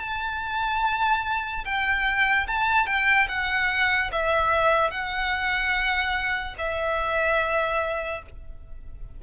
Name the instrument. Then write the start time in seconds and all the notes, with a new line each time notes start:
violin
0.00 A5
1.65 G5
2.47 A5
2.87 G5
3.29 F#5
4.12 E5
4.91 F#5
6.58 E5